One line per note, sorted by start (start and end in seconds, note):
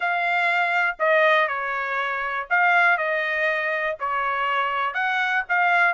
0.00 0.96 F5
0.99 1.48 D#5
1.48 2.47 C#5
2.50 2.97 F5
2.97 3.96 D#5
3.99 4.94 C#5
4.94 5.43 F#5
5.49 5.94 F5